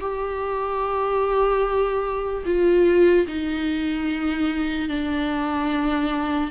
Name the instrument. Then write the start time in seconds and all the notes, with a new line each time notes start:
viola
0.00 G4
2.45 F4
3.27 D#4
4.88 D4